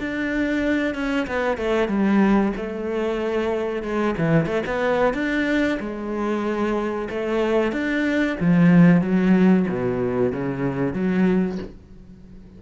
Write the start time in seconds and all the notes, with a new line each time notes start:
0.00 D4
0.94 C#4
1.27 B3
1.57 A3
1.88 G3
2.57 A3
3.82 G#3
4.18 E3
4.46 A3
4.66 B3
5.13 D4
5.79 G#3
7.10 A3
7.72 D4
8.40 F3
9.01 F#3
9.69 B2
10.32 C#3
10.94 F#3